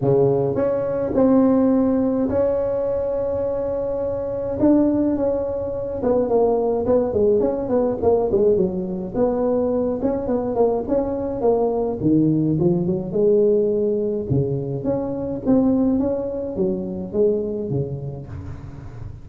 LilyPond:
\new Staff \with { instrumentName = "tuba" } { \time 4/4 \tempo 4 = 105 cis4 cis'4 c'2 | cis'1 | d'4 cis'4. b8 ais4 | b8 gis8 cis'8 b8 ais8 gis8 fis4 |
b4. cis'8 b8 ais8 cis'4 | ais4 dis4 f8 fis8 gis4~ | gis4 cis4 cis'4 c'4 | cis'4 fis4 gis4 cis4 | }